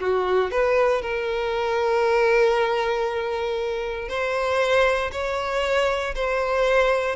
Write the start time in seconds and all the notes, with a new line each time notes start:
0.00 F#4
0.51 B4
1.02 A#4
4.09 C5
5.12 C#5
6.15 C5